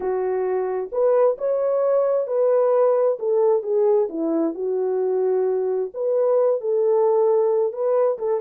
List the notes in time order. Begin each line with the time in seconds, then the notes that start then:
0.00 F#4
0.92 B4
1.37 C#5
2.27 B4
3.19 A4
3.63 G#4
4.09 E4
4.54 F#4
5.94 B4
6.61 A4
7.72 B4
8.18 A4